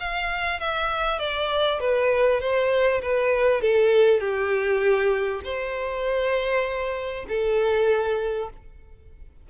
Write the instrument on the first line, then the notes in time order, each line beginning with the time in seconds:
violin
0.00 F5
0.60 E5
1.20 D5
1.80 B4
2.41 C5
3.02 B4
3.62 A4
4.20 G4
5.44 C5
7.29 A4